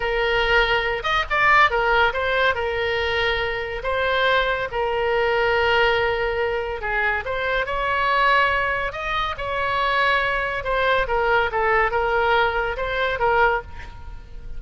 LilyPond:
\new Staff \with { instrumentName = "oboe" } { \time 4/4 \tempo 4 = 141 ais'2~ ais'8 dis''8 d''4 | ais'4 c''4 ais'2~ | ais'4 c''2 ais'4~ | ais'1 |
gis'4 c''4 cis''2~ | cis''4 dis''4 cis''2~ | cis''4 c''4 ais'4 a'4 | ais'2 c''4 ais'4 | }